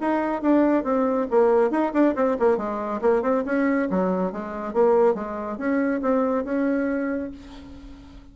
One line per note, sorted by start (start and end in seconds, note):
0.00 0.41 D#4
0.41 0.83 D4
0.83 1.27 C4
1.30 1.70 A#3
1.70 1.92 D#4
1.93 2.14 D4
2.15 2.36 C4
2.39 2.57 A#3
2.57 3.00 G#3
3.01 3.22 A#3
3.22 3.43 C4
3.45 3.88 C#4
3.90 4.32 F#3
4.32 4.73 G#3
4.73 5.14 A#3
5.14 5.57 G#3
5.57 6.01 C#4
6.01 6.44 C4
6.44 7.30 C#4